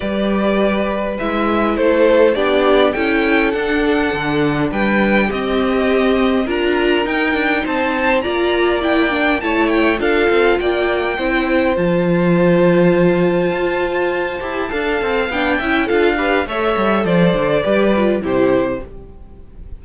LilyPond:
<<
  \new Staff \with { instrumentName = "violin" } { \time 4/4 \tempo 4 = 102 d''2 e''4 c''4 | d''4 g''4 fis''2 | g''4 dis''2 ais''4 | g''4 a''4 ais''4 g''4 |
a''8 g''8 f''4 g''2 | a''1~ | a''2 g''4 f''4 | e''4 d''2 c''4 | }
  \new Staff \with { instrumentName = "violin" } { \time 4/4 b'2. a'4 | g'4 a'2. | b'4 g'2 ais'4~ | ais'4 c''4 d''2 |
cis''4 a'4 d''4 c''4~ | c''1~ | c''4 f''4. e''8 a'8 b'8 | cis''4 c''4 b'4 g'4 | }
  \new Staff \with { instrumentName = "viola" } { \time 4/4 g'2 e'2 | d'4 e'4 d'2~ | d'4 c'2 f'4 | dis'2 f'4 e'8 d'8 |
e'4 f'2 e'4 | f'1~ | f'8 g'8 a'4 d'8 e'8 f'8 g'8 | a'2 g'8 f'8 e'4 | }
  \new Staff \with { instrumentName = "cello" } { \time 4/4 g2 gis4 a4 | b4 cis'4 d'4 d4 | g4 c'2 d'4 | dis'8 d'8 c'4 ais2 |
a4 d'8 c'8 ais4 c'4 | f2. f'4~ | f'8 e'8 d'8 c'8 b8 cis'8 d'4 | a8 g8 f8 d8 g4 c4 | }
>>